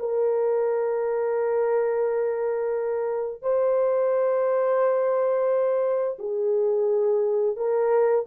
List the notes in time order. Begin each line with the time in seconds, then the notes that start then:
0.00 A#4
3.42 C5
6.19 G#4
7.57 A#4